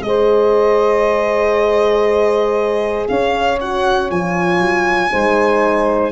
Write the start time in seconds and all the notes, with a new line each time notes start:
0.00 G#3 G#4 D#5
0.07 C5
3.08 C#4 C#5 F5
3.60 F#4 F#5
4.10 F3 F4 G#5
4.59 F#3
5.10 G#3 D#4 C5